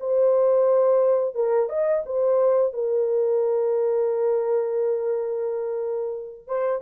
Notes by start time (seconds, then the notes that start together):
0.00 C5
1.35 A#4
1.69 D#5
2.06 C5
2.73 A#4
6.47 C5